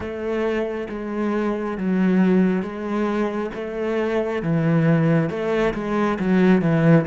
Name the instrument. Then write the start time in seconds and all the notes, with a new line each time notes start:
cello
0.00 A3
0.89 G#3
1.77 F#3
2.62 G#3
3.54 A3
4.42 E3
5.29 A3
5.74 G#3
6.19 F#3
6.61 E3